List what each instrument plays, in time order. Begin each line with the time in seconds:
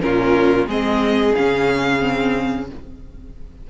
0.00 cello A#2, viola C#4, violin F4 A#4
0.67 cello G#3, viola C4, violin G#4 D#5
1.35 cello C#3, viola C#4, violin F5
1.99 viola C4